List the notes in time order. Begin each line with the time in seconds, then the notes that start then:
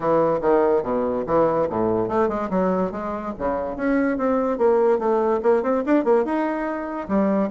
0.00 E3
0.41 D#3
0.82 B2
1.26 E3
1.69 A2
2.08 A3
2.28 G#3
2.50 F#3
2.91 G#3
3.38 C#3
3.76 C#4
4.17 C4
4.57 A#3
4.98 A3
5.42 A#3
5.62 C4
5.86 D4
6.04 A#3
6.24 D#4
7.08 G3